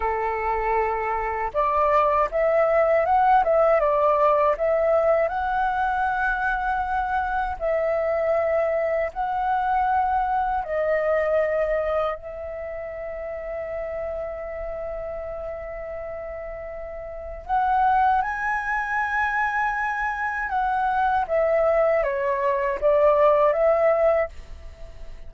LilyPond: \new Staff \with { instrumentName = "flute" } { \time 4/4 \tempo 4 = 79 a'2 d''4 e''4 | fis''8 e''8 d''4 e''4 fis''4~ | fis''2 e''2 | fis''2 dis''2 |
e''1~ | e''2. fis''4 | gis''2. fis''4 | e''4 cis''4 d''4 e''4 | }